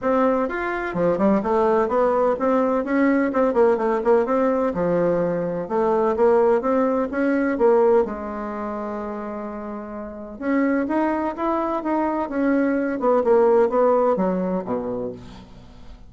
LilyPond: \new Staff \with { instrumentName = "bassoon" } { \time 4/4 \tempo 4 = 127 c'4 f'4 f8 g8 a4 | b4 c'4 cis'4 c'8 ais8 | a8 ais8 c'4 f2 | a4 ais4 c'4 cis'4 |
ais4 gis2.~ | gis2 cis'4 dis'4 | e'4 dis'4 cis'4. b8 | ais4 b4 fis4 b,4 | }